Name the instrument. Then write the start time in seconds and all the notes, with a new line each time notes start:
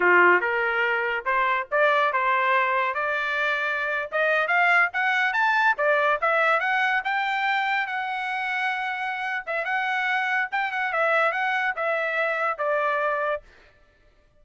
trumpet
0.00 F4
0.40 A#4
1.25 C5
1.71 D5
2.12 C5
2.94 D5
4.11 D#5
4.47 F5
4.93 F#5
5.33 A5
5.77 D5
6.21 E5
6.60 F#5
7.04 G5
7.86 F#5
9.46 E5
9.64 F#5
10.51 G5
10.71 F#5
10.93 E5
11.32 F#5
11.76 E5
12.58 D5